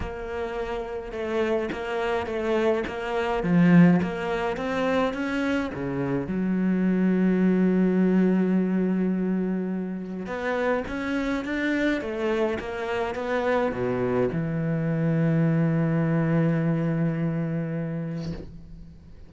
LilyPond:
\new Staff \with { instrumentName = "cello" } { \time 4/4 \tempo 4 = 105 ais2 a4 ais4 | a4 ais4 f4 ais4 | c'4 cis'4 cis4 fis4~ | fis1~ |
fis2 b4 cis'4 | d'4 a4 ais4 b4 | b,4 e2.~ | e1 | }